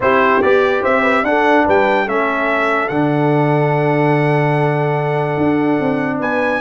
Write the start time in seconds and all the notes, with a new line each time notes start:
0.00 C4 E4 G4 C5
0.42 B3 G4 D5
0.80 C4 C5 E5
1.02 B4
1.22 D4 A4 F#5
1.65 G3 B4 G5
2.04 A3 C#4 A4 E5
2.88 D3 D4 F#5
5.37 D4
5.80 C4
6.19 B3 B4 G#5